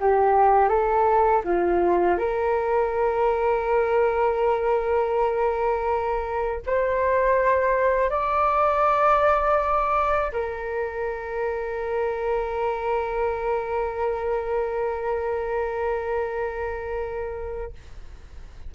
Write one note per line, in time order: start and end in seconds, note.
0.00 0.69 G4
0.69 1.43 A4
1.44 2.18 F4
2.18 6.62 A#4
6.66 8.10 C5
8.10 10.32 D5
10.32 17.73 A#4